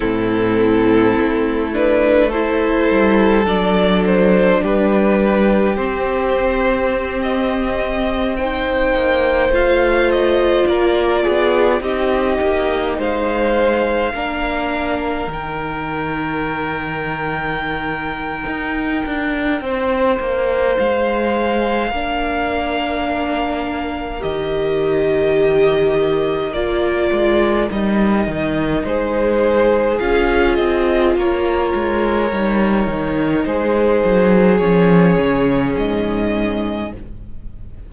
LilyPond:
<<
  \new Staff \with { instrumentName = "violin" } { \time 4/4 \tempo 4 = 52 a'4. b'8 c''4 d''8 c''8 | b'4 c''4~ c''16 dis''4 g''8.~ | g''16 f''8 dis''8 d''4 dis''4 f''8.~ | f''4~ f''16 g''2~ g''8.~ |
g''2 f''2~ | f''4 dis''2 d''4 | dis''4 c''4 f''8 dis''8 cis''4~ | cis''4 c''4 cis''4 dis''4 | }
  \new Staff \with { instrumentName = "violin" } { \time 4/4 e'2 a'2 | g'2.~ g'16 c''8.~ | c''4~ c''16 ais'8 gis'8 g'4 c''8.~ | c''16 ais'2.~ ais'8.~ |
ais'4 c''2 ais'4~ | ais'1~ | ais'4 gis'2 ais'4~ | ais'4 gis'2. | }
  \new Staff \with { instrumentName = "viola" } { \time 4/4 c'4. d'8 e'4 d'4~ | d'4 c'2~ c'16 dis'8.~ | dis'16 f'2 dis'4.~ dis'16~ | dis'16 d'4 dis'2~ dis'8.~ |
dis'2. d'4~ | d'4 g'2 f'4 | dis'2 f'2 | dis'2 cis'2 | }
  \new Staff \with { instrumentName = "cello" } { \time 4/4 a,4 a4. g8 fis4 | g4 c'2~ c'8. ais16~ | ais16 a4 ais8 b8 c'8 ais8 gis8.~ | gis16 ais4 dis2~ dis8. |
dis'8 d'8 c'8 ais8 gis4 ais4~ | ais4 dis2 ais8 gis8 | g8 dis8 gis4 cis'8 c'8 ais8 gis8 | g8 dis8 gis8 fis8 f8 cis8 gis,4 | }
>>